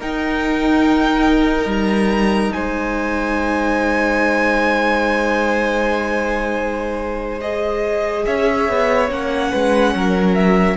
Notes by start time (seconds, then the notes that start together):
0.00 D#4 A#4 G5
1.66 G3 A#5
2.53 G#3 C5 G#5
7.41 G#4 D#5
8.26 C#4 C#5 E5
8.69 B3
9.09 A#3 C#4 F#5
9.52 G#3 B4
9.95 F#3 A#4
10.35 E5